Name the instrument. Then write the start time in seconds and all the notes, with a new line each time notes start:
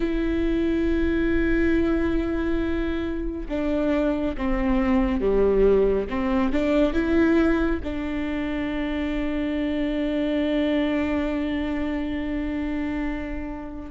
viola
0.00 E4
3.49 D4
4.37 C4
5.20 G3
6.09 C4
6.52 D4
6.93 E4
7.83 D4